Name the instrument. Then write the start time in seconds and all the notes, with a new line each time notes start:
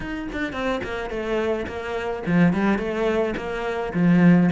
cello
0.00 D#4
0.32 D4
0.53 C4
0.83 A#3
1.10 A3
1.66 A#3
2.26 F3
2.53 G3
2.78 A3
3.36 A#3
3.93 F3